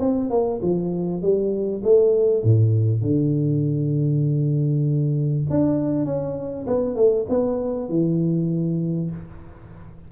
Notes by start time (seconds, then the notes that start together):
0.00 C4
0.30 A#3
0.62 F3
1.22 G3
1.84 A3
2.44 A2
3.02 D3
5.50 D4
6.06 C#4
6.67 B3
6.96 A3
7.30 B3
7.90 E3